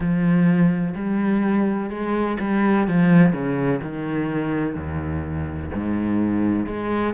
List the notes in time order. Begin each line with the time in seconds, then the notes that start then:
0.00 F3
0.95 G3
1.90 G#3
2.40 G3
2.87 F3
3.32 C#3
3.82 D#3
4.74 D#2
5.74 G#2
6.66 G#3